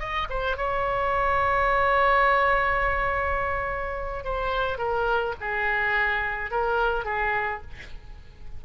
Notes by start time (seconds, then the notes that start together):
0.00 D#5
0.30 C5
0.57 C#5
4.25 C5
4.79 A#4
5.41 G#4
6.51 A#4
7.05 G#4